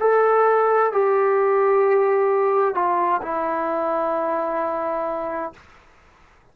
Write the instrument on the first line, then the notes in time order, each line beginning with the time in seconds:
trombone
0.00 A4
0.92 G4
2.75 F4
3.23 E4